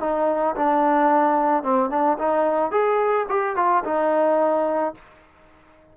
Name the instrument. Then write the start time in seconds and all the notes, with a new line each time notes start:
trombone
0.00 D#4
0.56 D4
1.63 C4
1.90 D4
2.19 D#4
2.71 G#4
3.29 G4
3.56 F4
3.84 D#4